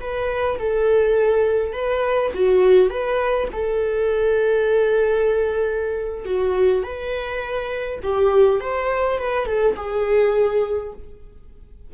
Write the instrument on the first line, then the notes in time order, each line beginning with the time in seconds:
viola
0.00 B4
0.59 A4
1.73 B4
2.34 F#4
2.90 B4
3.52 A4
6.25 F#4
6.83 B4
8.03 G4
8.60 C5
9.18 B4
9.46 A4
9.76 G#4